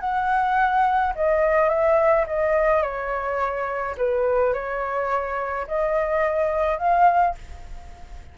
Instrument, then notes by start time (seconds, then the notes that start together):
flute
0.00 F#5
1.15 D#5
1.69 E5
2.26 D#5
2.82 C#5
3.97 B4
4.53 C#5
5.67 D#5
6.78 F5